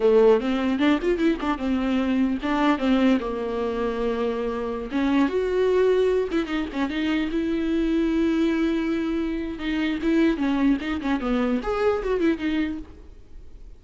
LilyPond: \new Staff \with { instrumentName = "viola" } { \time 4/4 \tempo 4 = 150 a4 c'4 d'8 f'8 e'8 d'8 | c'2 d'4 c'4 | ais1~ | ais16 cis'4 fis'2~ fis'8 e'16~ |
e'16 dis'8 cis'8 dis'4 e'4.~ e'16~ | e'1 | dis'4 e'4 cis'4 dis'8 cis'8 | b4 gis'4 fis'8 e'8 dis'4 | }